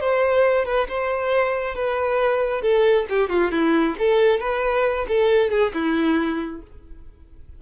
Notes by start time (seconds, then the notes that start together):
0.00 C5
0.65 B4
0.88 C5
1.74 B4
2.61 A4
3.09 G4
3.29 F4
3.51 E4
3.98 A4
4.40 B4
5.08 A4
5.50 G#4
5.73 E4